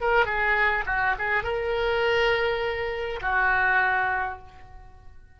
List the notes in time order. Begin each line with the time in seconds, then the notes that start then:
0.00 A#4
0.25 G#4
0.86 F#4
1.18 G#4
1.43 A#4
3.21 F#4